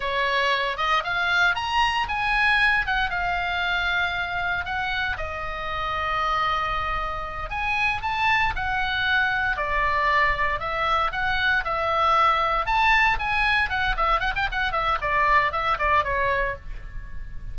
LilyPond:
\new Staff \with { instrumentName = "oboe" } { \time 4/4 \tempo 4 = 116 cis''4. dis''8 f''4 ais''4 | gis''4. fis''8 f''2~ | f''4 fis''4 dis''2~ | dis''2~ dis''8 gis''4 a''8~ |
a''8 fis''2 d''4.~ | d''8 e''4 fis''4 e''4.~ | e''8 a''4 gis''4 fis''8 e''8 fis''16 g''16 | fis''8 e''8 d''4 e''8 d''8 cis''4 | }